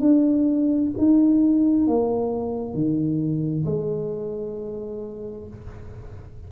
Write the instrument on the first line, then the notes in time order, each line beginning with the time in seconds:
tuba
0.00 D4
0.98 D#4
1.88 A#3
2.74 D#3
3.66 G#3